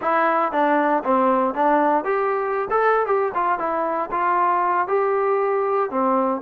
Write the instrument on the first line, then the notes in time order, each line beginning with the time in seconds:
trombone
0.01 E4
0.52 D4
1.03 C4
1.54 D4
2.04 G4
2.70 A4
3.06 G4
3.34 F4
3.59 E4
4.11 F4
4.87 G4
5.90 C4